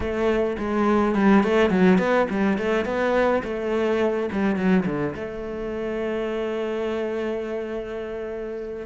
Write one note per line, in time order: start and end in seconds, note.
0.00 0.56 A3
0.58 1.15 G#3
1.15 1.43 G3
1.43 1.69 A3
1.69 1.98 F#3
1.98 2.26 B3
2.29 2.58 G3
2.58 2.85 A3
2.85 3.42 B3
3.43 4.29 A3
4.32 4.56 G3
4.56 4.84 F#3
4.85 5.14 D3
5.15 8.86 A3